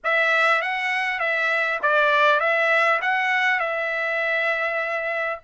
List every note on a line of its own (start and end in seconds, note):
0.04 0.61 E5
0.61 1.19 F#5
1.19 1.79 E5
1.82 2.40 D5
2.40 3.00 E5
3.01 3.59 F#5
3.59 5.39 E5